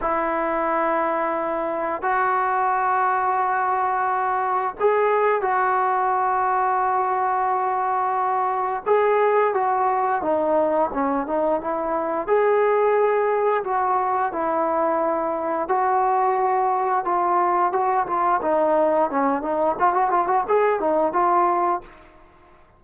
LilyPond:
\new Staff \with { instrumentName = "trombone" } { \time 4/4 \tempo 4 = 88 e'2. fis'4~ | fis'2. gis'4 | fis'1~ | fis'4 gis'4 fis'4 dis'4 |
cis'8 dis'8 e'4 gis'2 | fis'4 e'2 fis'4~ | fis'4 f'4 fis'8 f'8 dis'4 | cis'8 dis'8 f'16 fis'16 f'16 fis'16 gis'8 dis'8 f'4 | }